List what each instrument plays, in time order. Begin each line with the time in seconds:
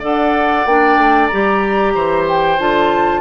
0.00 bassoon D4, clarinet A4, oboe D5, flute F#5
0.66 bassoon A#3, clarinet D4, flute G5
0.98 bassoon A3
1.27 clarinet G4, flute A#5
1.33 bassoon G3
1.95 bassoon E3, oboe C5
2.29 flute G5
2.59 bassoon D3, clarinet F4, flute A5